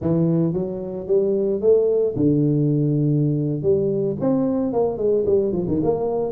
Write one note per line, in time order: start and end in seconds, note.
0.01 0.53 E3
0.53 1.07 F#3
1.07 1.60 G3
1.60 2.14 A3
2.16 3.62 D3
3.62 4.16 G3
4.20 4.72 C4
4.72 4.97 A#3
4.97 5.24 G#3
5.26 5.52 G3
5.52 5.66 F3
5.67 5.81 D#3
5.83 6.32 A#3